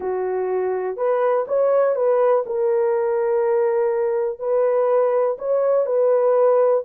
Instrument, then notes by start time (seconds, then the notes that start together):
horn
0.00 F#4
0.96 B4
1.47 C#5
1.95 B4
2.45 A#4
4.39 B4
5.38 C#5
5.86 B4